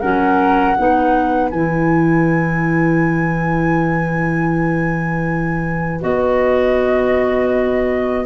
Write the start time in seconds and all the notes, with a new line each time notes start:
0.00 F#3 C#4 A#4 F#5
0.76 B3 D#4 B4
1.51 E3 E4 G#5
6.02 B3 F#4 D#5